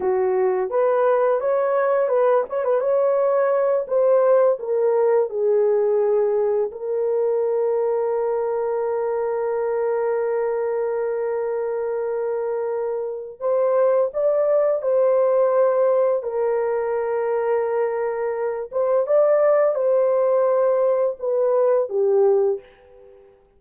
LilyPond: \new Staff \with { instrumentName = "horn" } { \time 4/4 \tempo 4 = 85 fis'4 b'4 cis''4 b'8 cis''16 b'16 | cis''4. c''4 ais'4 gis'8~ | gis'4. ais'2~ ais'8~ | ais'1~ |
ais'2. c''4 | d''4 c''2 ais'4~ | ais'2~ ais'8 c''8 d''4 | c''2 b'4 g'4 | }